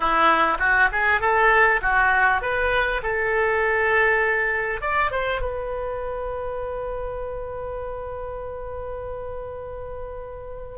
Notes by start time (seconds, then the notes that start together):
0.00 E4
0.59 F#4
0.92 G#4
1.20 A4
1.81 F#4
2.41 B4
3.02 A4
4.81 D5
5.11 C5
5.41 B4